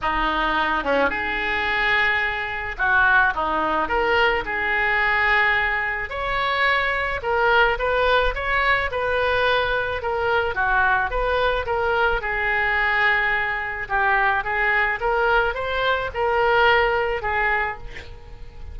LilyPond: \new Staff \with { instrumentName = "oboe" } { \time 4/4 \tempo 4 = 108 dis'4. cis'8 gis'2~ | gis'4 fis'4 dis'4 ais'4 | gis'2. cis''4~ | cis''4 ais'4 b'4 cis''4 |
b'2 ais'4 fis'4 | b'4 ais'4 gis'2~ | gis'4 g'4 gis'4 ais'4 | c''4 ais'2 gis'4 | }